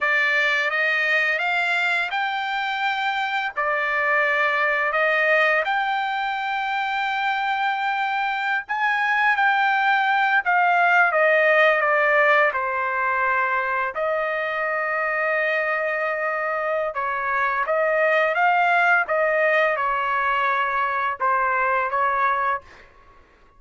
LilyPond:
\new Staff \with { instrumentName = "trumpet" } { \time 4/4 \tempo 4 = 85 d''4 dis''4 f''4 g''4~ | g''4 d''2 dis''4 | g''1~ | g''16 gis''4 g''4. f''4 dis''16~ |
dis''8. d''4 c''2 dis''16~ | dis''1 | cis''4 dis''4 f''4 dis''4 | cis''2 c''4 cis''4 | }